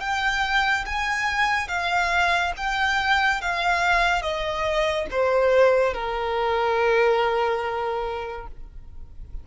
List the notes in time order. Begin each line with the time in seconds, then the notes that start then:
0.00 G5
0.86 G#5
1.68 F5
2.57 G5
3.41 F5
4.22 D#5
5.11 C5
5.93 A#4